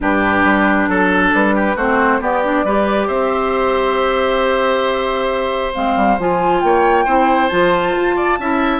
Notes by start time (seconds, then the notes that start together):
0.00 G2 D4 G4 B4
0.44 G3
0.88 F#3 A4
1.32 G3 B4
1.54 G4
1.75 A3 C4 F#4 C5
2.20 B3 G4 D5
2.43 D4
2.64 G3 G4 B4
3.07 C4 C5 E5
5.74 G#3 C4 F5
5.96 G3
6.18 F3 F4 G#5
6.60 A#3 C#5 G5
7.05 C4 E4 C5
7.48 F3 F4 A5
7.96 F4
8.16 D5
8.39 C#4 E4 E5